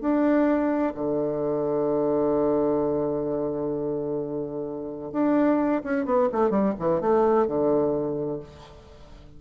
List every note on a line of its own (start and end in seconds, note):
0.00 0.93 D4
0.94 5.12 D3
5.12 5.81 D4
5.83 6.05 C#4
6.05 6.28 B3
6.31 6.50 A3
6.50 6.73 G3
6.78 7.00 E3
7.00 7.46 A3
7.46 8.39 D3